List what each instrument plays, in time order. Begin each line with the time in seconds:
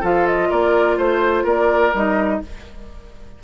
0.00 bassoon F3, clarinet F4, oboe A4, flute F5
0.26 flute D#5
0.50 bassoon A#3, oboe A#4, flute D5
0.97 bassoon A3, oboe C5, flute C5
1.44 bassoon A#3, oboe A#4, flute D5
1.94 bassoon G3, clarinet D#4, flute D#5